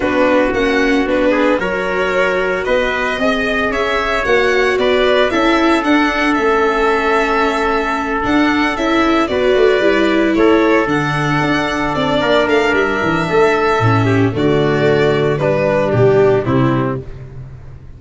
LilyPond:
<<
  \new Staff \with { instrumentName = "violin" } { \time 4/4 \tempo 4 = 113 b'4 fis''4 b'4 cis''4~ | cis''4 dis''2 e''4 | fis''4 d''4 e''4 fis''4 | e''2.~ e''8 fis''8~ |
fis''8 e''4 d''2 cis''8~ | cis''8 fis''2 d''4 f''8 | e''2. d''4~ | d''4 b'4 g'4 e'4 | }
  \new Staff \with { instrumentName = "trumpet" } { \time 4/4 fis'2~ fis'8 gis'8 ais'4~ | ais'4 b'4 dis''4 cis''4~ | cis''4 b'4 a'2~ | a'1~ |
a'4. b'2 a'8~ | a'2. ais'4~ | ais'4 a'4. g'8 fis'4~ | fis'4 d'2 c'4 | }
  \new Staff \with { instrumentName = "viola" } { \time 4/4 d'4 cis'4 d'4 fis'4~ | fis'2 gis'2 | fis'2 e'4 d'4 | cis'2.~ cis'8 d'8~ |
d'8 e'4 fis'4 e'4.~ | e'8 d'2.~ d'8~ | d'2 cis'4 a4~ | a4 g2. | }
  \new Staff \with { instrumentName = "tuba" } { \time 4/4 b4 ais4 b4 fis4~ | fis4 b4 c'4 cis'4 | ais4 b4 cis'4 d'4 | a2.~ a8 d'8~ |
d'8 cis'4 b8 a8 g4 a8~ | a8 d4 d'4 c'8 ais8 a8 | g8 e8 a4 a,4 d4~ | d4 g4 b,4 c4 | }
>>